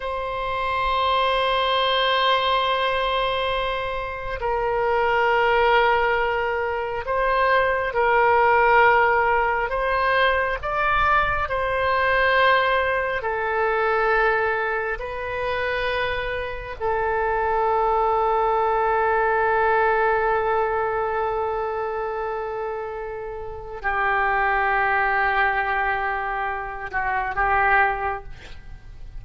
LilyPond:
\new Staff \with { instrumentName = "oboe" } { \time 4/4 \tempo 4 = 68 c''1~ | c''4 ais'2. | c''4 ais'2 c''4 | d''4 c''2 a'4~ |
a'4 b'2 a'4~ | a'1~ | a'2. g'4~ | g'2~ g'8 fis'8 g'4 | }